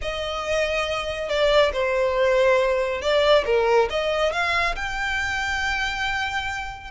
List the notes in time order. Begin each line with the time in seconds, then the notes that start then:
0.01 D#5
1.28 D5
1.73 C5
3.01 D5
3.45 A#4
3.90 D#5
4.32 F5
4.75 G5